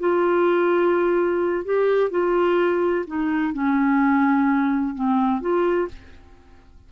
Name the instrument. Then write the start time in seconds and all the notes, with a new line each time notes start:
clarinet
0.00 F4
1.65 G4
2.11 F4
3.07 D#4
3.54 C#4
4.95 C4
5.41 F4